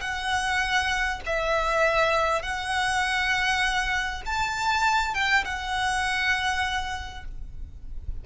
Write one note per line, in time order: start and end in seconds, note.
0.00 1.20 F#5
1.25 2.42 E5
2.42 4.22 F#5
4.25 5.14 A5
5.14 5.44 G5
5.44 7.24 F#5